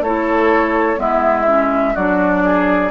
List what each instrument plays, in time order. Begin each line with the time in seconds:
0.00 bassoon A3, clarinet E4, oboe A4, flute C#5
0.96 bassoon G#3, clarinet B3, oboe E4, flute E5
1.46 clarinet C#4
1.94 bassoon F#3, clarinet D4, oboe F#4, flute D5
2.44 oboe G#4